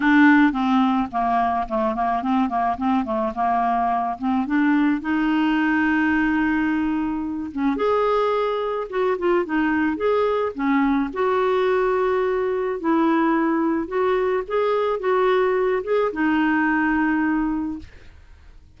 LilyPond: \new Staff \with { instrumentName = "clarinet" } { \time 4/4 \tempo 4 = 108 d'4 c'4 ais4 a8 ais8 | c'8 ais8 c'8 a8 ais4. c'8 | d'4 dis'2.~ | dis'4. cis'8 gis'2 |
fis'8 f'8 dis'4 gis'4 cis'4 | fis'2. e'4~ | e'4 fis'4 gis'4 fis'4~ | fis'8 gis'8 dis'2. | }